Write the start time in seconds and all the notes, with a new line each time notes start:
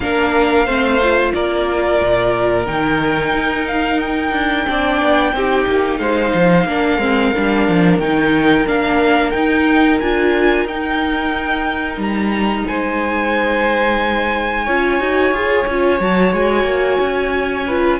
0.00 A#3 D4 A#4 F5
0.65 A3 C4 C5
1.02 F4
1.33 A#3 A#4 D5
2.02 A#2
2.66 D#3 D#4 G5
3.33 D#4
3.67 F5
4.00 G5
4.32 D4
4.66 C4 D4 D5
5.01 B3
5.32 C4 D#4 G4
5.66 A#3
5.98 G#3 C5 F5
6.33 F3
6.65 A#3 D4 A#4
6.97 G#3 C4
7.35 G3 D4
7.68 F3
7.98 D#3 D#4 G5
8.66 A#3 D4 F5
9.30 D#4 G5
9.99 D4 F4 G#5
10.64 D#4 G5
11.97 G3 A#5
12.67 G#3 C5 G#5
14.64 C#4 F4 C#5
14.99 D#4 F#4
15.31 F4 G#4
15.67 C#4 F4
15.99 F#3 F#4 A5
16.32 G#3 G#5
16.64 A#3
17.00 C#4
17.66 F4 B4